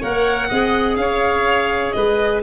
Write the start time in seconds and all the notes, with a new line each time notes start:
0.00 A#3 A#4 C#5 F#5
0.49 C4 G#4 D#5
0.96 C#4 C#5 F5
1.92 G#3 B4 D#5